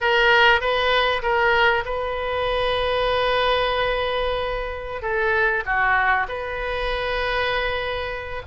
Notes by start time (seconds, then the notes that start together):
0.00 A#4
0.60 B4
1.22 A#4
1.85 B4
5.02 A4
5.65 F#4
6.28 B4